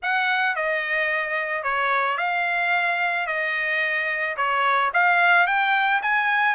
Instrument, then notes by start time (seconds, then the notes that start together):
trumpet
0.02 F#5
0.55 D#5
1.63 C#5
2.17 F5
3.26 D#5
4.36 C#5
4.93 F5
5.46 G5
6.02 G#5